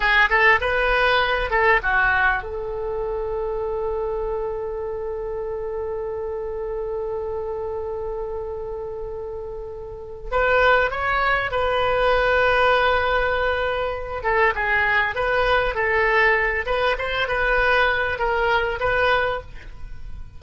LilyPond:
\new Staff \with { instrumentName = "oboe" } { \time 4/4 \tempo 4 = 99 gis'8 a'8 b'4. a'8 fis'4 | a'1~ | a'1~ | a'1~ |
a'4 b'4 cis''4 b'4~ | b'2.~ b'8 a'8 | gis'4 b'4 a'4. b'8 | c''8 b'4. ais'4 b'4 | }